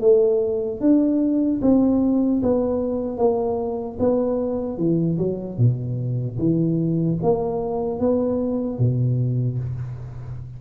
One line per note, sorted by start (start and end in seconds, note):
0.00 0.80 A3
0.80 1.60 D4
1.61 2.41 C4
2.42 3.17 B3
3.17 3.97 A#3
3.99 4.77 B3
4.77 5.17 E3
5.17 5.57 F#3
5.57 6.37 B2
6.38 7.18 E3
7.22 7.99 A#3
7.99 8.78 B3
8.78 9.58 B2